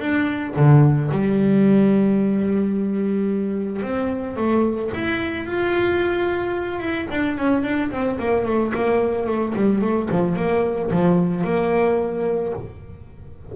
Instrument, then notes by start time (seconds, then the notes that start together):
double bass
0.00 D4
0.56 D3
1.12 G3
3.82 C4
4.37 A3
4.94 E4
5.46 F4
6.81 E4
7.11 D4
7.38 C#4
7.63 D4
7.91 C4
8.19 A#3
8.45 A3
8.74 A#3
9.27 A3
9.55 G3
9.82 A3
10.11 F3
10.36 A#3
10.91 F3
11.44 A#3